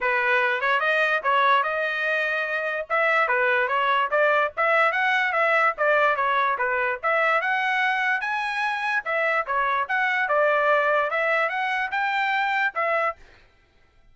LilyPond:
\new Staff \with { instrumentName = "trumpet" } { \time 4/4 \tempo 4 = 146 b'4. cis''8 dis''4 cis''4 | dis''2. e''4 | b'4 cis''4 d''4 e''4 | fis''4 e''4 d''4 cis''4 |
b'4 e''4 fis''2 | gis''2 e''4 cis''4 | fis''4 d''2 e''4 | fis''4 g''2 e''4 | }